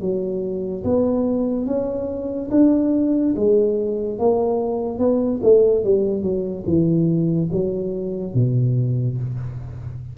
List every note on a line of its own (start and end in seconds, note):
0.00 0.83 F#3
0.83 1.66 B3
1.66 2.49 C#4
2.50 3.34 D4
3.36 4.19 G#3
4.19 4.98 A#3
4.98 5.40 B3
5.42 5.84 A3
5.84 6.22 G3
6.22 6.64 F#3
6.66 7.49 E3
7.52 8.34 F#3
8.34 9.17 B2